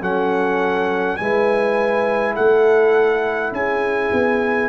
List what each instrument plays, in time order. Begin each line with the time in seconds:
0.00 tuba F#3, trombone C#4, horn A4, trumpet F#5
1.16 tuba G#3, trombone E4, horn B4, trumpet G#5
2.34 tuba A3, horn A4, trumpet F#5
3.51 tuba C#4, horn G#4, trumpet G#5
4.12 tuba B3